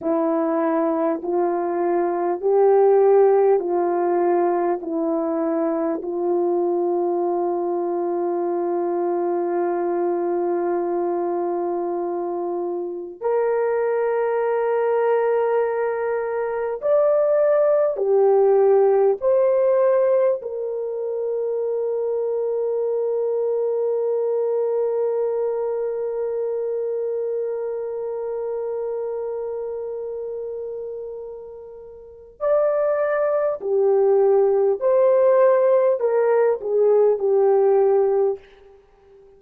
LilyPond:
\new Staff \with { instrumentName = "horn" } { \time 4/4 \tempo 4 = 50 e'4 f'4 g'4 f'4 | e'4 f'2.~ | f'2. ais'4~ | ais'2 d''4 g'4 |
c''4 ais'2.~ | ais'1~ | ais'2. d''4 | g'4 c''4 ais'8 gis'8 g'4 | }